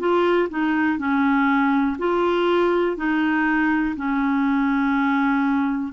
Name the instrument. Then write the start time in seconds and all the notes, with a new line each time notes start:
clarinet
0.00 F4
0.50 D#4
0.99 C#4
1.99 F4
2.97 D#4
3.97 C#4